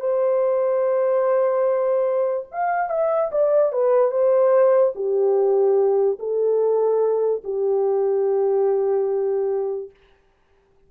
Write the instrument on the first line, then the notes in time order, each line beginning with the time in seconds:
horn
0.00 C5
2.52 F5
2.90 E5
3.32 D5
3.72 B4
4.11 C5
4.95 G4
6.19 A4
7.44 G4